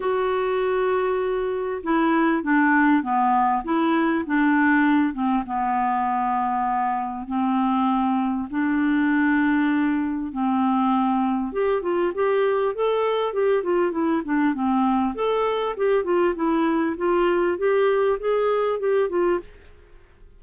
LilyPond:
\new Staff \with { instrumentName = "clarinet" } { \time 4/4 \tempo 4 = 99 fis'2. e'4 | d'4 b4 e'4 d'4~ | d'8 c'8 b2. | c'2 d'2~ |
d'4 c'2 g'8 f'8 | g'4 a'4 g'8 f'8 e'8 d'8 | c'4 a'4 g'8 f'8 e'4 | f'4 g'4 gis'4 g'8 f'8 | }